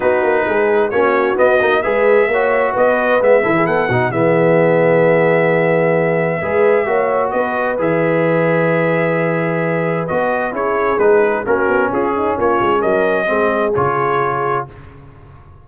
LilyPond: <<
  \new Staff \with { instrumentName = "trumpet" } { \time 4/4 \tempo 4 = 131 b'2 cis''4 dis''4 | e''2 dis''4 e''4 | fis''4 e''2.~ | e''1 |
dis''4 e''2.~ | e''2 dis''4 cis''4 | b'4 ais'4 gis'4 cis''4 | dis''2 cis''2 | }
  \new Staff \with { instrumentName = "horn" } { \time 4/4 fis'4 gis'4 fis'2 | b'4 cis''4 b'4. a'16 gis'16 | a'8 fis'8 gis'2.~ | gis'2 b'4 cis''4 |
b'1~ | b'2. gis'4~ | gis'4 fis'4 f'8 dis'8 f'4 | ais'4 gis'2. | }
  \new Staff \with { instrumentName = "trombone" } { \time 4/4 dis'2 cis'4 b8 dis'8 | gis'4 fis'2 b8 e'8~ | e'8 dis'8 b2.~ | b2 gis'4 fis'4~ |
fis'4 gis'2.~ | gis'2 fis'4 e'4 | dis'4 cis'2.~ | cis'4 c'4 f'2 | }
  \new Staff \with { instrumentName = "tuba" } { \time 4/4 b8 ais8 gis4 ais4 b8 ais8 | gis4 ais4 b4 gis8 e8 | b8 b,8 e2.~ | e2 gis4 ais4 |
b4 e2.~ | e2 b4 cis'4 | gis4 ais8 b8 cis'4 ais8 gis8 | fis4 gis4 cis2 | }
>>